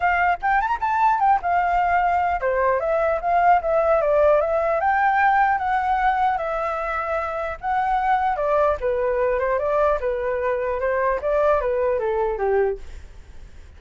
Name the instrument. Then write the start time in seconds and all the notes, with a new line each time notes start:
flute
0.00 F5
0.41 G5
0.61 A5 A#5
0.80 A5
1.19 G5
1.42 F5
2.40 C5
2.79 E5
3.21 F5
3.61 E5
4.01 D5
4.41 E5
4.80 G5
5.58 F#5
6.37 E5
7.60 F#5
8.36 D5
8.80 B4
9.39 C5
9.58 D5
10.00 B4
10.79 C5
11.21 D5
11.60 B4
11.99 A4
12.38 G4